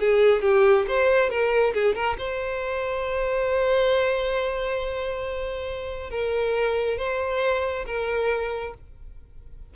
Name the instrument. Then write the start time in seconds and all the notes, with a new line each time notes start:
violin
0.00 G#4
0.42 G4
0.88 C5
1.30 A#4
1.74 G#4
1.95 A#4
2.18 C5
6.10 A#4
6.98 C5
7.86 A#4